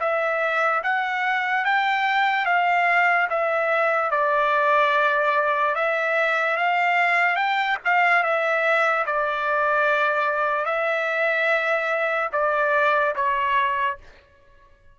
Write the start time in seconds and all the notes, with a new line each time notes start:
0.00 E5
0.83 F#5
1.65 G5
2.46 F5
3.30 E5
4.11 D5
5.75 E5
6.57 F5
7.36 G5
7.85 F5
8.23 E5
9.06 D5
10.66 E5
12.32 D5
13.15 C#5